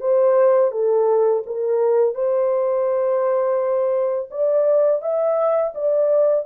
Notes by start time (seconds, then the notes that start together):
0.00 C5
0.71 A4
1.46 A#4
2.14 C5
4.30 D5
5.01 E5
5.74 D5